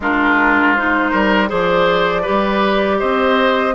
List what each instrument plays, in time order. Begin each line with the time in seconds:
0.00 bassoon G#3, clarinet D4, oboe F4, flute A#4
0.74 clarinet D#4, flute C5
1.11 bassoon G3, oboe A#4
1.47 bassoon F3, clarinet G#4, oboe C5, flute D5
2.22 clarinet G4, oboe B4
2.28 bassoon G3
2.99 bassoon C4, oboe C5, flute D#5